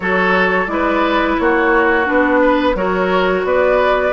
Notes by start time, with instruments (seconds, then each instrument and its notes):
0.00 bassoon F#3, clarinet F#4, oboe A4, flute C#5
0.67 bassoon G#3, clarinet E4, oboe B4, flute D5
1.38 bassoon A#3, oboe F#4, flute C#5
2.05 bassoon B3, clarinet D4, flute B4
2.41 oboe B4
2.75 bassoon F#3, clarinet F#4, oboe A#4, flute C#5
3.44 bassoon B3, oboe B4, flute D5